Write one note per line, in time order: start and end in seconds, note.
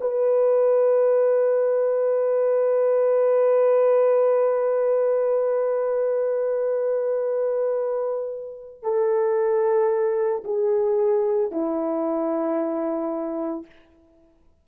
0.00 8.82 B4
8.82 10.43 A4
10.44 11.51 G#4
11.51 13.66 E4